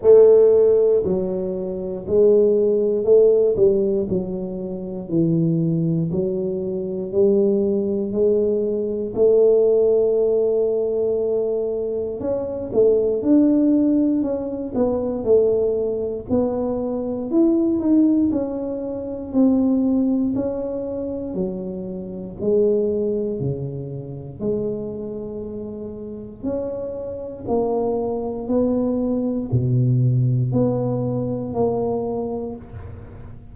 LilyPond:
\new Staff \with { instrumentName = "tuba" } { \time 4/4 \tempo 4 = 59 a4 fis4 gis4 a8 g8 | fis4 e4 fis4 g4 | gis4 a2. | cis'8 a8 d'4 cis'8 b8 a4 |
b4 e'8 dis'8 cis'4 c'4 | cis'4 fis4 gis4 cis4 | gis2 cis'4 ais4 | b4 b,4 b4 ais4 | }